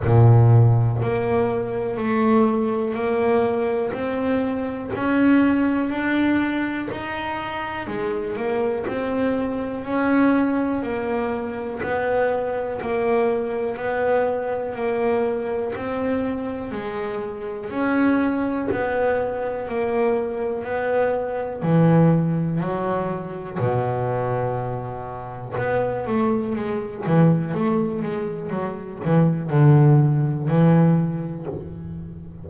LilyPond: \new Staff \with { instrumentName = "double bass" } { \time 4/4 \tempo 4 = 61 ais,4 ais4 a4 ais4 | c'4 cis'4 d'4 dis'4 | gis8 ais8 c'4 cis'4 ais4 | b4 ais4 b4 ais4 |
c'4 gis4 cis'4 b4 | ais4 b4 e4 fis4 | b,2 b8 a8 gis8 e8 | a8 gis8 fis8 e8 d4 e4 | }